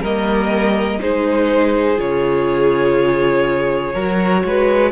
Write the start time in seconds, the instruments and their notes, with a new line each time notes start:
0.00 cello G3, viola A#3, violin A#4 D#5
1.00 cello G#3, viola D#4, violin G#4 C5
1.97 cello C#3, viola F4, violin C#5
3.94 cello F#3, viola F#4, violin A#4
4.44 cello G#3, violin B4